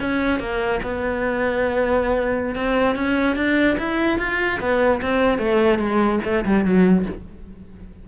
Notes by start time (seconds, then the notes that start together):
0.00 C#4
0.40 A#3
0.83 B3
2.55 C4
2.95 C#4
3.36 D4
3.79 E4
4.19 F4
4.60 B3
5.01 C4
5.38 A3
5.79 G#3
6.24 A3
6.45 G3
6.65 F#3